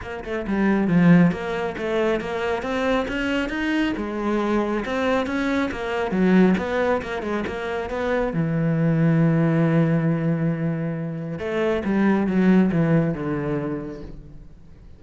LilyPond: \new Staff \with { instrumentName = "cello" } { \time 4/4 \tempo 4 = 137 ais8 a8 g4 f4 ais4 | a4 ais4 c'4 cis'4 | dis'4 gis2 c'4 | cis'4 ais4 fis4 b4 |
ais8 gis8 ais4 b4 e4~ | e1~ | e2 a4 g4 | fis4 e4 d2 | }